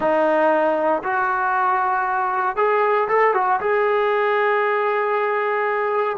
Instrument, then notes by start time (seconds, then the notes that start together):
trombone
0.00 D#4
1.03 F#4
2.56 G#4
3.08 A4
3.34 F#4
3.60 G#4